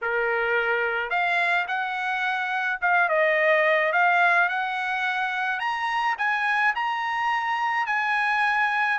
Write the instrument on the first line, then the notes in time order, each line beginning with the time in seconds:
trumpet
0.01 A#4
1.10 F5
1.67 F#5
2.81 F5
3.08 D#5
3.92 F5
4.49 F#5
5.59 A#5
6.18 G#5
6.75 A#5
7.86 G#5